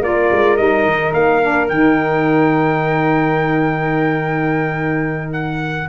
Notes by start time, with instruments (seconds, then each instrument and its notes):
0.00 tuba A#3, saxophone F4, flute A#4, trumpet D5
0.32 tuba G#3
0.56 tuba G3, saxophone D#4, trumpet D#5
0.85 tuba D#3
1.13 tuba A#3, trumpet F5
1.42 saxophone D4
1.69 tuba D#3, saxophone D#4, trumpet G5
5.32 trumpet F#5